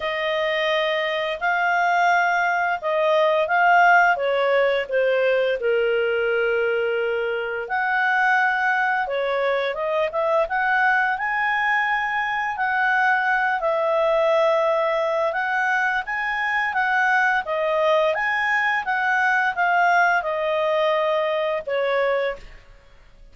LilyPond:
\new Staff \with { instrumentName = "clarinet" } { \time 4/4 \tempo 4 = 86 dis''2 f''2 | dis''4 f''4 cis''4 c''4 | ais'2. fis''4~ | fis''4 cis''4 dis''8 e''8 fis''4 |
gis''2 fis''4. e''8~ | e''2 fis''4 gis''4 | fis''4 dis''4 gis''4 fis''4 | f''4 dis''2 cis''4 | }